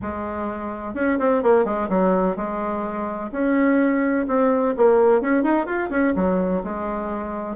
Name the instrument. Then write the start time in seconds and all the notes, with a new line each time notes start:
bassoon
0.02 G#3
0.94 C#4
1.19 C4
1.42 A#3
1.64 G#3
1.89 F#3
2.36 G#3
3.32 C#4
4.27 C4
4.76 A#3
5.21 C#4
5.43 D#4
5.66 F4
5.89 C#4
6.15 F#3
6.63 G#3